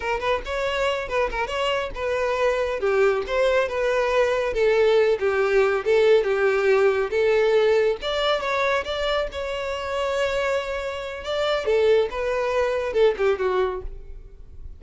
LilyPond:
\new Staff \with { instrumentName = "violin" } { \time 4/4 \tempo 4 = 139 ais'8 b'8 cis''4. b'8 ais'8 cis''8~ | cis''8 b'2 g'4 c''8~ | c''8 b'2 a'4. | g'4. a'4 g'4.~ |
g'8 a'2 d''4 cis''8~ | cis''8 d''4 cis''2~ cis''8~ | cis''2 d''4 a'4 | b'2 a'8 g'8 fis'4 | }